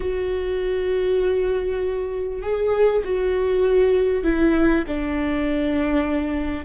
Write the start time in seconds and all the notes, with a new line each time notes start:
0.00 F#4
2.42 G#4
3.04 F#4
4.23 E4
4.87 D4